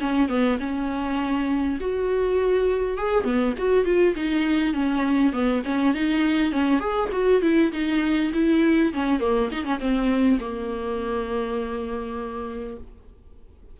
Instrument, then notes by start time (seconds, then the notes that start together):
viola
0.00 C#4
0.28 B3
0.60 C#4
1.80 F#4
2.97 G#4
3.24 B3
3.58 F#4
3.85 F4
4.16 D#4
4.74 C#4
5.32 B3
5.65 C#4
5.94 D#4
6.52 C#4
6.79 G#4
7.12 F#4
7.42 E4
7.72 D#4
8.33 E4
8.93 C#4
9.20 A#3
9.51 D#4
9.64 C#4
9.79 C4
10.40 A#3